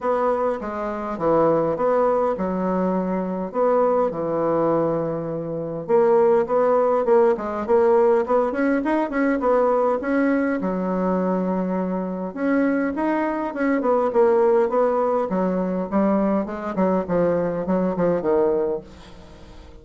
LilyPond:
\new Staff \with { instrumentName = "bassoon" } { \time 4/4 \tempo 4 = 102 b4 gis4 e4 b4 | fis2 b4 e4~ | e2 ais4 b4 | ais8 gis8 ais4 b8 cis'8 dis'8 cis'8 |
b4 cis'4 fis2~ | fis4 cis'4 dis'4 cis'8 b8 | ais4 b4 fis4 g4 | gis8 fis8 f4 fis8 f8 dis4 | }